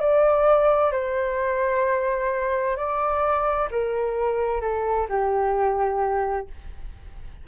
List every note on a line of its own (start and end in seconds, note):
0.00 0.92 D5
0.92 2.77 C5
2.77 3.69 D5
3.71 4.61 A#4
4.61 5.07 A4
5.09 6.47 G4